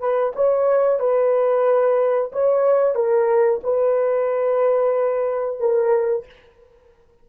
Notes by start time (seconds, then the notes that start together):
0.00 B4
0.35 C#5
1.00 B4
2.32 C#5
2.95 A#4
3.64 B4
5.60 A#4